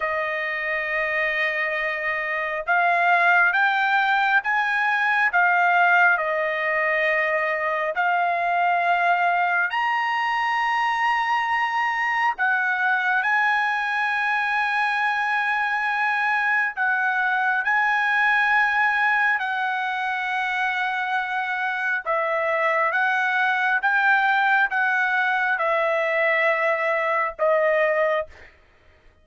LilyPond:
\new Staff \with { instrumentName = "trumpet" } { \time 4/4 \tempo 4 = 68 dis''2. f''4 | g''4 gis''4 f''4 dis''4~ | dis''4 f''2 ais''4~ | ais''2 fis''4 gis''4~ |
gis''2. fis''4 | gis''2 fis''2~ | fis''4 e''4 fis''4 g''4 | fis''4 e''2 dis''4 | }